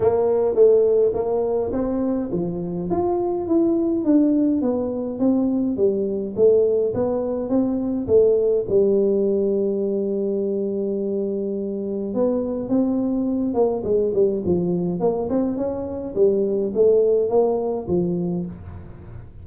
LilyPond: \new Staff \with { instrumentName = "tuba" } { \time 4/4 \tempo 4 = 104 ais4 a4 ais4 c'4 | f4 f'4 e'4 d'4 | b4 c'4 g4 a4 | b4 c'4 a4 g4~ |
g1~ | g4 b4 c'4. ais8 | gis8 g8 f4 ais8 c'8 cis'4 | g4 a4 ais4 f4 | }